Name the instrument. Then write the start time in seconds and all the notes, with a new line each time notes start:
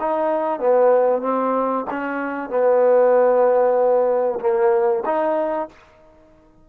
trombone
0.00 D#4
0.59 B3
1.21 C4
1.90 C#4
2.49 B3
4.40 A#3
5.05 D#4